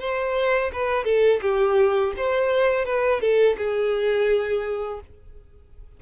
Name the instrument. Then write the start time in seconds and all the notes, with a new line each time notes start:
violin
0.00 C5
0.73 B4
1.05 A4
1.42 G4
2.17 C5
2.85 B4
3.21 A4
3.57 G#4